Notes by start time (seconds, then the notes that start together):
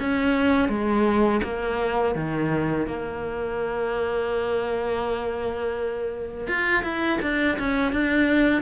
0.00 C#4
0.69 G#3
1.44 A#3
2.16 D#3
2.87 A#3
6.48 F4
6.83 E4
7.22 D4
7.59 C#4
7.93 D4